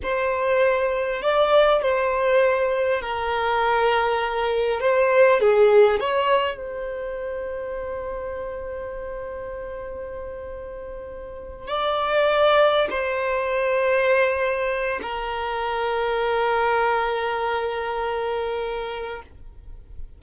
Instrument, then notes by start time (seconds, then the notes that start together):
violin
0.02 C5
1.22 D5
1.82 C5
3.01 A#4
4.80 C5
5.40 G#4
6.00 C#5
6.57 C5
11.67 D5
12.90 C5
15.02 A#4